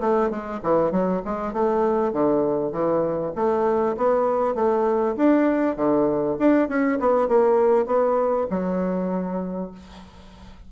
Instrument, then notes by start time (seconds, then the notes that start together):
bassoon
0.00 A3
0.30 G#3
0.63 E3
0.91 F#3
1.25 G#3
1.53 A3
2.12 D3
2.72 E3
3.35 A3
3.97 B3
4.55 A3
5.17 D4
5.76 D3
6.39 D4
6.68 C#4
6.99 B3
7.28 A#3
7.86 B3
8.50 F#3